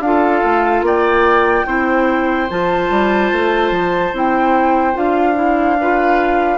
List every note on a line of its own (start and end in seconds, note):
0.00 0.41 D4
0.00 1.66 F4
0.00 0.84 F5
0.07 0.86 A4
0.44 0.82 A3
0.82 1.64 A#3
0.82 1.67 D5
0.82 2.50 G5
1.66 2.49 C4
1.66 2.49 E4
1.66 5.78 C5
2.50 2.91 F3
2.50 4.14 F4
2.50 4.15 A5
2.91 3.32 G3
3.33 3.71 A3
3.71 4.12 F3
4.13 4.95 C4
4.13 4.94 E4
4.13 4.98 G5
4.94 6.58 D4
4.94 5.35 F4
4.94 6.58 F5
5.35 5.76 E4
5.81 6.58 F4
5.81 6.58 B4